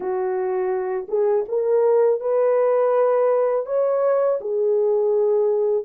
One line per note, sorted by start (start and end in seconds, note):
0.00 1.06 F#4
1.08 1.45 G#4
1.48 2.20 A#4
2.20 3.66 B4
3.66 4.39 C#5
4.40 5.84 G#4